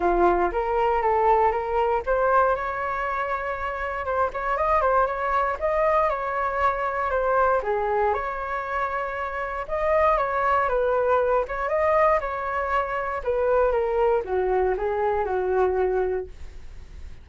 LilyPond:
\new Staff \with { instrumentName = "flute" } { \time 4/4 \tempo 4 = 118 f'4 ais'4 a'4 ais'4 | c''4 cis''2. | c''8 cis''8 dis''8 c''8 cis''4 dis''4 | cis''2 c''4 gis'4 |
cis''2. dis''4 | cis''4 b'4. cis''8 dis''4 | cis''2 b'4 ais'4 | fis'4 gis'4 fis'2 | }